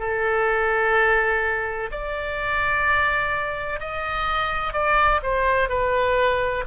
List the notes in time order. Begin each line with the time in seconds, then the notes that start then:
0.00 A4
1.92 D5
3.80 D#5
4.74 D5
5.23 C5
5.69 B4